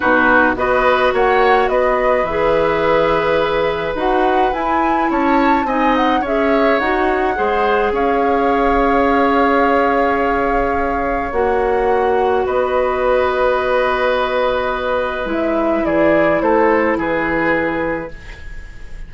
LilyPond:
<<
  \new Staff \with { instrumentName = "flute" } { \time 4/4 \tempo 4 = 106 b'4 dis''4 fis''4 dis''4 | e''2. fis''4 | gis''4 a''4 gis''8 fis''8 e''4 | fis''2 f''2~ |
f''1 | fis''2 dis''2~ | dis''2. e''4 | d''4 c''4 b'2 | }
  \new Staff \with { instrumentName = "oboe" } { \time 4/4 fis'4 b'4 cis''4 b'4~ | b'1~ | b'4 cis''4 dis''4 cis''4~ | cis''4 c''4 cis''2~ |
cis''1~ | cis''2 b'2~ | b'1 | gis'4 a'4 gis'2 | }
  \new Staff \with { instrumentName = "clarinet" } { \time 4/4 dis'4 fis'2. | gis'2. fis'4 | e'2 dis'4 gis'4 | fis'4 gis'2.~ |
gis'1 | fis'1~ | fis'2. e'4~ | e'1 | }
  \new Staff \with { instrumentName = "bassoon" } { \time 4/4 b,4 b4 ais4 b4 | e2. dis'4 | e'4 cis'4 c'4 cis'4 | dis'4 gis4 cis'2~ |
cis'1 | ais2 b2~ | b2. gis4 | e4 a4 e2 | }
>>